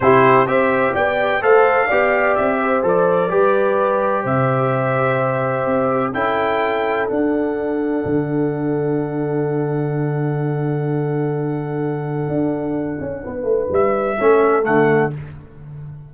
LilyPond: <<
  \new Staff \with { instrumentName = "trumpet" } { \time 4/4 \tempo 4 = 127 c''4 e''4 g''4 f''4~ | f''4 e''4 d''2~ | d''4 e''2.~ | e''4 g''2 fis''4~ |
fis''1~ | fis''1~ | fis''1~ | fis''4 e''2 fis''4 | }
  \new Staff \with { instrumentName = "horn" } { \time 4/4 g'4 c''4 d''4 c''4 | d''4. c''4. b'4~ | b'4 c''2.~ | c''4 a'2.~ |
a'1~ | a'1~ | a'1 | b'2 a'2 | }
  \new Staff \with { instrumentName = "trombone" } { \time 4/4 e'4 g'2 a'4 | g'2 a'4 g'4~ | g'1~ | g'4 e'2 d'4~ |
d'1~ | d'1~ | d'1~ | d'2 cis'4 a4 | }
  \new Staff \with { instrumentName = "tuba" } { \time 4/4 c4 c'4 b4 a4 | b4 c'4 f4 g4~ | g4 c2. | c'4 cis'2 d'4~ |
d'4 d2.~ | d1~ | d2 d'4. cis'8 | b8 a8 g4 a4 d4 | }
>>